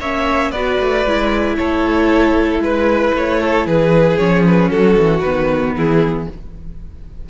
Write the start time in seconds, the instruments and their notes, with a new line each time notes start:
0.00 cello A#3, viola C#4, violin C#5 E5
0.52 cello B3, viola F#4, violin B4 D5
0.81 cello A3
1.06 cello G#3, viola E4
1.57 cello A3, violin A4 C#5
2.60 cello G#3, violin B4
3.15 cello A3, violin C#5
3.41 violin A4
3.67 cello E3, violin G#4 B4
4.18 cello F3, viola C#4, violin C#5
4.47 violin B4
4.70 cello F#3, violin F#4 A4
4.97 cello E3
5.20 cello D#3, viola B3, violin B4
5.75 cello E3, violin E4 G#4